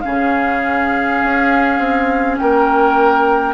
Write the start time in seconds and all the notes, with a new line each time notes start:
0.00 C#3 C#4 G#4 F5
1.23 C#4
1.78 C4
2.37 A#3 A#4 G5